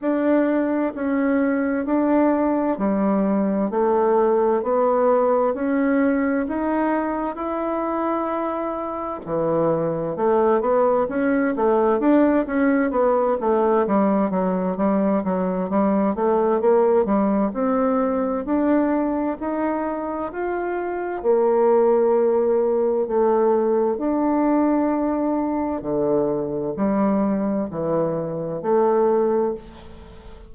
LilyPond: \new Staff \with { instrumentName = "bassoon" } { \time 4/4 \tempo 4 = 65 d'4 cis'4 d'4 g4 | a4 b4 cis'4 dis'4 | e'2 e4 a8 b8 | cis'8 a8 d'8 cis'8 b8 a8 g8 fis8 |
g8 fis8 g8 a8 ais8 g8 c'4 | d'4 dis'4 f'4 ais4~ | ais4 a4 d'2 | d4 g4 e4 a4 | }